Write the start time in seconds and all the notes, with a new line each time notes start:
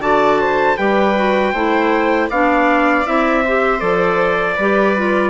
0.00 D3 F#4 D5 A5
0.41 C5
0.77 G3 G4 B4 G5
1.16 F#4
1.53 A3 E4 C5
2.30 B3 D4 D5 F5
3.06 C4 E4 E5
3.44 G4 C5
3.80 F3 A4 D5
4.56 G3 G4 B4
4.97 F4